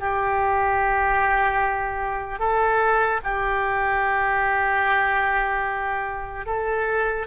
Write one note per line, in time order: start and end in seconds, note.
0.00 2.40 G4
2.40 3.21 A4
3.24 6.46 G4
6.46 7.27 A4